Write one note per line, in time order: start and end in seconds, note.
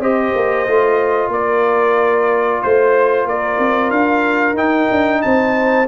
0.00 0.33 C4
0.00 0.67 G4
0.00 1.31 C5
0.00 1.32 D#5
0.35 0.67 A#3
0.67 1.29 A3
0.67 4.56 F4
1.29 2.59 A#3
1.29 2.63 A#4
1.29 2.62 D5
2.62 3.25 A3
2.62 3.27 C5
2.62 3.26 C5
3.25 3.58 A#3
3.25 5.21 A#4
3.25 3.90 D5
3.59 3.91 C4
3.90 4.54 D4
3.90 4.56 F5
4.54 4.86 D#4
4.54 5.86 D#4
4.54 5.22 G5
4.91 5.24 D4
5.22 5.88 C4
5.22 5.88 C5
5.22 5.87 A5